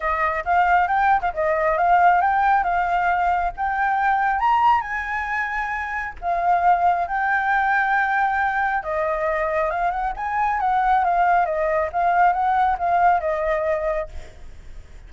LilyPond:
\new Staff \with { instrumentName = "flute" } { \time 4/4 \tempo 4 = 136 dis''4 f''4 g''8. f''16 dis''4 | f''4 g''4 f''2 | g''2 ais''4 gis''4~ | gis''2 f''2 |
g''1 | dis''2 f''8 fis''8 gis''4 | fis''4 f''4 dis''4 f''4 | fis''4 f''4 dis''2 | }